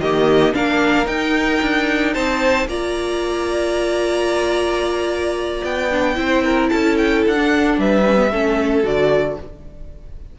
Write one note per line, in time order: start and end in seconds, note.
0.00 0.54 D#3
0.00 0.54 A#3
0.00 0.55 G4
0.00 0.54 D#5
0.54 1.07 A#3
0.54 1.06 D4
0.54 2.14 A#4
0.54 1.07 F5
1.06 2.67 D#4
1.06 1.60 D#4
1.06 2.14 G5
1.62 2.15 D4
2.14 2.67 C4
2.14 2.67 C5
2.14 2.68 A5
2.67 5.62 A#3
2.67 5.90 F4
2.67 6.17 D5
2.67 5.64 A#5
5.64 6.17 B3
5.64 6.69 G5
5.90 6.15 D4
6.15 6.70 C4
6.15 7.35 E4
6.15 6.44 C5
6.44 6.71 A#4
6.69 7.26 C#4
6.69 7.80 A4
6.69 6.96 A5
6.97 7.24 G5
7.26 7.78 D4
7.26 7.80 F#5
7.35 8.02 D4
7.78 8.31 G3
7.78 8.32 B4
7.78 8.86 E5
8.06 8.16 C#4
8.16 8.30 B3
8.32 8.83 A3
8.32 8.83 C#4
8.32 9.39 A4
8.83 9.37 D3
8.83 9.37 F#4
8.83 9.39 D5